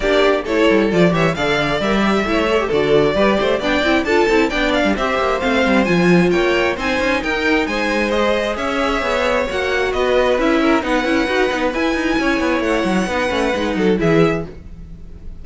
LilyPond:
<<
  \new Staff \with { instrumentName = "violin" } { \time 4/4 \tempo 4 = 133 d''4 cis''4 d''8 e''8 f''4 | e''2 d''2 | g''4 a''4 g''8 f''8 e''4 | f''4 gis''4 g''4 gis''4 |
g''4 gis''4 dis''4 e''4~ | e''4 fis''4 dis''4 e''4 | fis''2 gis''2 | fis''2. e''4 | }
  \new Staff \with { instrumentName = "violin" } { \time 4/4 g'4 a'4. cis''8 d''4~ | d''4 cis''4 a'4 b'8 c''8 | d''4 a'4 d''4 c''4~ | c''2 cis''4 c''4 |
ais'4 c''2 cis''4~ | cis''2 b'4. ais'8 | b'2. cis''4~ | cis''4 b'4. a'8 gis'4 | }
  \new Staff \with { instrumentName = "viola" } { \time 4/4 d'4 e'4 f'8 g'8 a'4 | ais'8 g'8 e'8 a'16 g'16 fis'4 g'4 | d'8 e'8 f'8 e'8 d'4 g'4 | c'4 f'2 dis'4~ |
dis'2 gis'2~ | gis'4 fis'2 e'4 | dis'8 e'8 fis'8 dis'8 e'2~ | e'4 dis'8 cis'8 dis'4 e'4 | }
  \new Staff \with { instrumentName = "cello" } { \time 4/4 ais4 a8 g8 f8 e8 d4 | g4 a4 d4 g8 a8 | b8 c'8 d'8 c'8 b8. g16 c'8 ais8 | a8 g8 f4 ais4 c'8 cis'8 |
dis'4 gis2 cis'4 | b4 ais4 b4 cis'4 | b8 cis'8 dis'8 b8 e'8 dis'8 cis'8 b8 | a8 fis8 b8 a8 gis8 fis8 e4 | }
>>